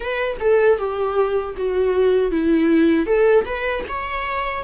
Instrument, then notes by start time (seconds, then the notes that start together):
viola
0.00 B4
0.40 A4
0.78 G4
1.57 F#4
2.31 E4
3.06 A4
3.45 B4
3.88 C#5